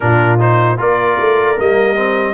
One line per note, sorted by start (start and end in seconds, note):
0.00 0.79 A#2
0.00 0.38 D4
0.00 0.77 F4
0.00 0.39 A#4
0.38 0.77 D#4
0.38 0.79 C5
0.77 1.18 A#3
0.77 1.56 F4
0.77 2.34 A#4
0.77 1.59 D5
1.19 1.59 A3
1.57 2.34 G3
1.57 1.95 A#3
1.57 2.34 D#5
1.95 2.34 C4